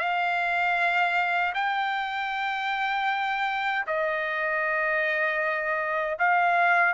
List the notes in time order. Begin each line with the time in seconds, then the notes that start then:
0.00 F5
1.55 G5
3.87 D#5
6.19 F5